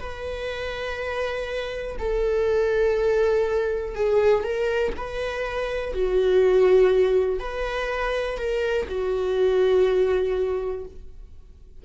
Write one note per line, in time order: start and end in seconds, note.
0.00 1.97 B4
1.99 3.95 A4
3.95 4.44 G#4
4.44 4.93 A#4
4.96 5.93 B4
5.93 7.39 F#4
7.39 8.37 B4
8.37 8.87 A#4
8.88 10.85 F#4